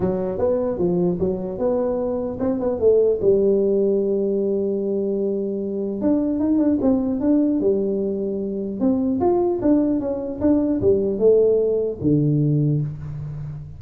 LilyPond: \new Staff \with { instrumentName = "tuba" } { \time 4/4 \tempo 4 = 150 fis4 b4 f4 fis4 | b2 c'8 b8 a4 | g1~ | g2. d'4 |
dis'8 d'8 c'4 d'4 g4~ | g2 c'4 f'4 | d'4 cis'4 d'4 g4 | a2 d2 | }